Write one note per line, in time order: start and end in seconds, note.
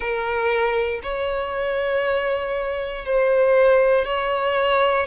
0.00 1.00 A#4
1.02 3.05 C#5
3.05 4.05 C5
4.05 5.06 C#5